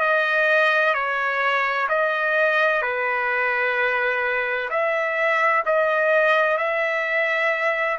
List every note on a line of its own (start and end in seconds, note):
0.00 0.94 D#5
0.94 1.87 C#5
1.88 2.82 D#5
2.82 4.69 B4
4.70 5.63 E5
5.65 6.57 D#5
6.57 7.98 E5